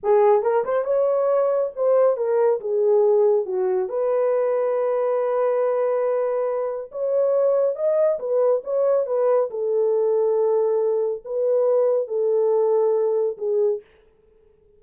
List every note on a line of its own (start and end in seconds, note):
0.03 0.42 G#4
0.42 0.64 A#4
0.64 0.84 C5
0.84 1.71 C#5
1.75 2.16 C5
2.16 2.59 A#4
2.60 3.45 G#4
3.45 3.88 F#4
3.88 6.90 B4
6.91 7.75 C#5
7.75 8.18 D#5
8.19 8.62 B4
8.64 9.06 C#5
9.06 9.49 B4
9.50 11.22 A4
11.24 12.07 B4
12.07 13.37 A4
13.37 13.81 G#4